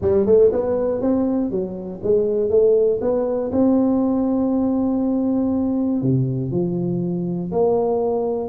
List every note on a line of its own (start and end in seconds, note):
0.01 0.25 G3
0.25 0.50 A3
0.52 1.01 B3
1.01 1.50 C4
1.50 2.00 F#3
2.02 2.50 G#3
2.50 3.00 A3
3.01 3.51 B3
3.52 6.02 C4
6.02 6.51 C3
6.51 7.51 F3
7.51 8.48 A#3